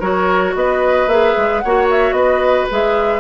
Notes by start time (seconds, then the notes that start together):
0.00 F#3 F#4 A#4 C#5
0.55 B3 B4 D#5
1.07 A#3 G#4 E5
1.37 G#3
1.60 A#3 C#5 F#5
1.66 F#4
1.90 E5
2.12 B3 B4 D#5
2.70 G#3 G#4 E5